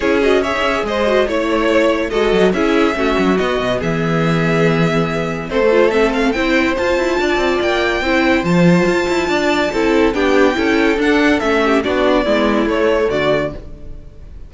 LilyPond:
<<
  \new Staff \with { instrumentName = "violin" } { \time 4/4 \tempo 4 = 142 cis''8 dis''8 e''4 dis''4 cis''4~ | cis''4 dis''4 e''2 | dis''4 e''2.~ | e''4 c''4 e''8 f''8 g''4 |
a''2 g''2 | a''1 | g''2 fis''4 e''4 | d''2 cis''4 d''4 | }
  \new Staff \with { instrumentName = "violin" } { \time 4/4 gis'4 cis''4 c''4 cis''4~ | cis''4 a'4 gis'4 fis'4~ | fis'4 gis'2.~ | gis'4 a'2 c''4~ |
c''4 d''2 c''4~ | c''2 d''4 a'4 | g'4 a'2~ a'8 g'8 | fis'4 e'2 fis'4 | }
  \new Staff \with { instrumentName = "viola" } { \time 4/4 e'8 fis'8 gis'4. fis'8 e'4~ | e'4 fis'4 e'4 cis'4 | b1~ | b4 c'16 a16 f'8 c'4 e'4 |
f'2. e'4 | f'2. e'4 | d'4 e'4 d'4 cis'4 | d'4 b4 a2 | }
  \new Staff \with { instrumentName = "cello" } { \time 4/4 cis'4~ cis'16 dis'16 cis'8 gis4 a4~ | a4 gis8 fis8 cis'4 a8 fis8 | b8 b,8 e2.~ | e4 a2 c'4 |
f'8 e'8 d'8 c'8 ais4 c'4 | f4 f'8 e'8 d'4 c'4 | b4 cis'4 d'4 a4 | b4 gis4 a4 d4 | }
>>